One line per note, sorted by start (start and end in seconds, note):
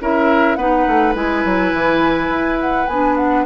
0.00 0.56 C#4
0.00 0.58 E4
0.00 0.57 A#4
0.00 0.55 E5
0.55 0.85 B3
0.55 1.14 D#4
0.55 3.46 B4
0.55 1.13 F#5
0.87 1.15 A3
1.14 1.44 G#3
1.14 2.87 E4
1.14 2.60 G#5
1.44 1.73 F#3
1.73 2.29 E3
2.29 2.86 E4
2.60 2.87 F#5
2.87 3.46 B3
2.87 3.46 D4
2.87 3.16 G#5
3.16 3.45 F#5